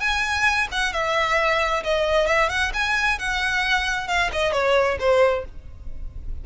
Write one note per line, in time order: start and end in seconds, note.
0.00 0.68 G#5
0.72 0.93 F#5
0.93 1.83 E5
1.84 2.27 D#5
2.27 2.49 E5
2.49 2.72 F#5
2.74 3.19 G#5
3.19 4.08 F#5
4.08 4.30 F5
4.32 4.53 D#5
4.53 4.98 C#5
5.00 5.45 C5